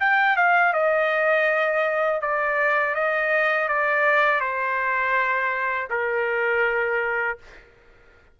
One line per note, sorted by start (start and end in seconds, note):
0.00 0.36 G5
0.36 0.73 F5
0.73 2.21 D#5
2.21 2.95 D5
2.95 3.68 D#5
3.68 4.40 D5
4.40 5.89 C5
5.90 7.38 A#4